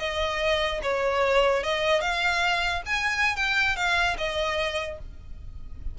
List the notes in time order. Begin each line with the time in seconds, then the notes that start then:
0.00 D#5
0.83 C#5
1.64 D#5
2.02 F5
2.86 G#5
3.37 G5
3.77 F5
4.18 D#5